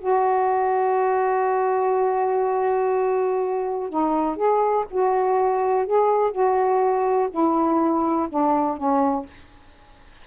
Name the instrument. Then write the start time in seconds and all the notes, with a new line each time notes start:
saxophone
0.00 F#4
3.90 D#4
4.36 G#4
4.90 F#4
5.86 G#4
6.31 F#4
7.31 E4
8.29 D4
8.77 C#4